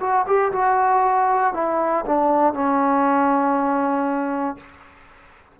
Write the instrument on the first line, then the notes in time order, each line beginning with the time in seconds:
trombone
0.00 F#4
0.26 G4
0.52 F#4
1.53 E4
2.05 D4
2.54 C#4